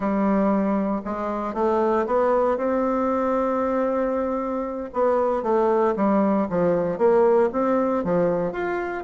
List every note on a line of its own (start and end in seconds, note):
0.00 1.01 G3
1.04 1.54 G#3
1.54 2.05 A3
2.06 2.57 B3
2.57 4.89 C4
4.93 5.42 B3
5.42 5.94 A3
5.96 6.47 G3
6.49 6.98 F3
6.98 7.49 A#3
7.52 8.04 C4
8.04 8.52 F3
8.52 9.04 F4